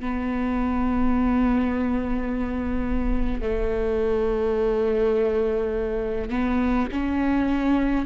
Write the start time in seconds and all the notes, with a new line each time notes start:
0.00 B3
3.41 A3
6.30 B3
6.92 C#4